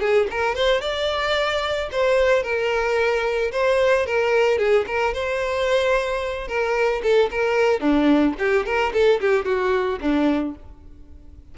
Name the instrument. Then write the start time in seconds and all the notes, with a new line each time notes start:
violin
0.00 G#4
0.30 A#4
0.55 C5
0.81 D5
1.92 C5
2.43 A#4
3.52 C5
4.06 A#4
4.58 G#4
4.87 A#4
5.14 C5
6.48 A#4
7.03 A4
7.31 A#4
7.80 D4
8.39 G4
8.66 A#4
8.93 A4
9.21 G4
9.45 F#4
10.01 D4